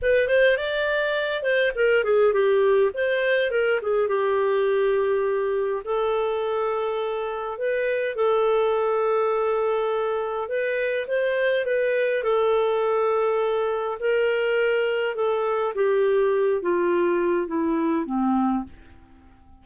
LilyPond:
\new Staff \with { instrumentName = "clarinet" } { \time 4/4 \tempo 4 = 103 b'8 c''8 d''4. c''8 ais'8 gis'8 | g'4 c''4 ais'8 gis'8 g'4~ | g'2 a'2~ | a'4 b'4 a'2~ |
a'2 b'4 c''4 | b'4 a'2. | ais'2 a'4 g'4~ | g'8 f'4. e'4 c'4 | }